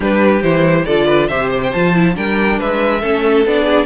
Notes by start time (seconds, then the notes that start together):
0.00 G3 D4 G4 B4
0.42 E3 E4 C5
0.85 D3 F4 A4 D5
1.05 B4
1.28 C3 G4 C5 E5
1.50 C5
1.63 G5
1.72 F3 F4 A5
1.95 E4
2.14 G3 D4 A#4 G5
2.59 G#3 B4 E5
3.01 A3 C#4 A4
3.45 B3 D4 D5
3.64 G#4